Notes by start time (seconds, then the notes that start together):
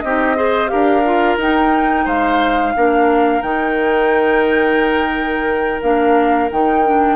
0.00 C4 D#4 G4 D#5
0.36 G#4 C5
0.68 D4 G4 A#4 F5
1.05 F4
1.37 D#4 G5
2.05 G#3 C5 F5
2.76 A#3 D4 A#4
3.42 D#3 D#4 G5
5.81 A#3 D4 F5
6.51 D#3 D#4 G5
6.85 D4